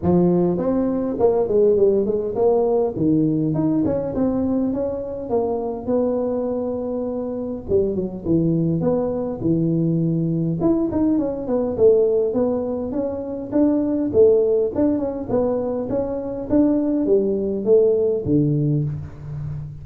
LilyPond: \new Staff \with { instrumentName = "tuba" } { \time 4/4 \tempo 4 = 102 f4 c'4 ais8 gis8 g8 gis8 | ais4 dis4 dis'8 cis'8 c'4 | cis'4 ais4 b2~ | b4 g8 fis8 e4 b4 |
e2 e'8 dis'8 cis'8 b8 | a4 b4 cis'4 d'4 | a4 d'8 cis'8 b4 cis'4 | d'4 g4 a4 d4 | }